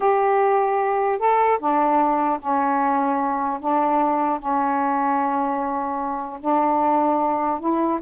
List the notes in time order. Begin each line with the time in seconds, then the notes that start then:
0.00 G4
1.18 A4
1.59 D4
2.39 C#4
3.60 D4
4.39 C#4
6.40 D4
7.59 E4